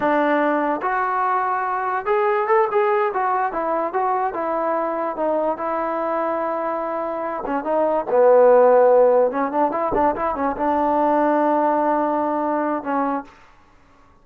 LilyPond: \new Staff \with { instrumentName = "trombone" } { \time 4/4 \tempo 4 = 145 d'2 fis'2~ | fis'4 gis'4 a'8 gis'4 fis'8~ | fis'8 e'4 fis'4 e'4.~ | e'8 dis'4 e'2~ e'8~ |
e'2 cis'8 dis'4 b8~ | b2~ b8 cis'8 d'8 e'8 | d'8 e'8 cis'8 d'2~ d'8~ | d'2. cis'4 | }